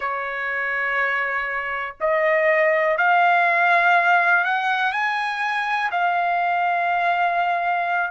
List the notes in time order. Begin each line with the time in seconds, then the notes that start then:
0.00 C#5
2.00 D#5
2.97 F5
4.44 F#5
4.92 G#5
5.91 F5